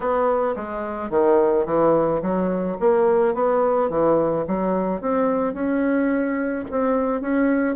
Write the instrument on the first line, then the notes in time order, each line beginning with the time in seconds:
bassoon
0.00 B3
0.56 G#3
1.10 D#3
1.65 E3
2.21 F#3
2.80 A#3
3.34 B3
3.89 E3
4.47 F#3
5.01 C4
5.53 C#4
6.70 C4
7.21 C#4